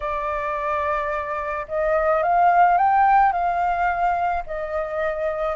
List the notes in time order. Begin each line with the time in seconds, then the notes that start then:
0.00 D5
1.68 D#5
2.22 F5
2.77 G5
3.32 F5
4.46 D#5